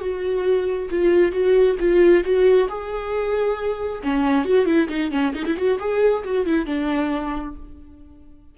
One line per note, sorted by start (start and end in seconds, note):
0.00 0.89 F#4
0.90 1.32 F4
1.32 1.76 F#4
1.79 2.24 F4
2.24 2.68 F#4
2.69 4.02 G#4
4.03 4.44 C#4
4.44 4.65 F#4
4.65 4.88 E4
4.89 5.11 D#4
5.11 5.33 C#4
5.34 5.45 D#4
5.45 5.56 E4
5.56 5.79 F#4
5.79 6.23 G#4
6.24 6.46 F#4
6.46 6.66 E4
6.66 7.55 D4